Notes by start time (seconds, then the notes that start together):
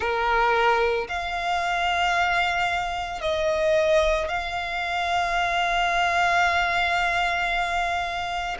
0.00 A#4
1.08 F5
3.21 D#5
4.28 F5